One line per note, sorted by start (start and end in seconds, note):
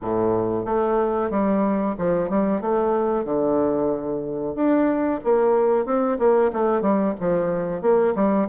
0.01 0.65 A2
0.65 1.30 A3
1.30 1.95 G3
1.98 2.29 F3
2.29 2.61 G3
2.61 3.25 A3
3.25 4.55 D3
4.55 5.20 D4
5.24 5.85 A#3
5.85 6.18 C4
6.18 6.51 A#3
6.52 6.81 A3
6.81 7.14 G3
7.19 7.81 F3
7.81 8.14 A#3
8.15 8.48 G3